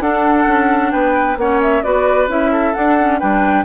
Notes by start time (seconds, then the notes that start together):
0.00 D4 A4 F#5
0.47 C#4
0.91 B3 B4 G5
1.37 A#3 C#4 C#5 F#5
1.62 E5
1.83 B3 F#4 B4 D5
2.28 C#4 E4 E5
2.52 A4
2.74 D4 F#5
3.00 C#4
3.20 G3 D4 B4 G5